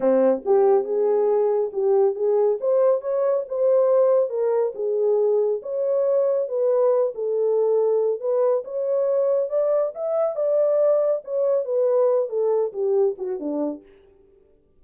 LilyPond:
\new Staff \with { instrumentName = "horn" } { \time 4/4 \tempo 4 = 139 c'4 g'4 gis'2 | g'4 gis'4 c''4 cis''4 | c''2 ais'4 gis'4~ | gis'4 cis''2 b'4~ |
b'8 a'2~ a'8 b'4 | cis''2 d''4 e''4 | d''2 cis''4 b'4~ | b'8 a'4 g'4 fis'8 d'4 | }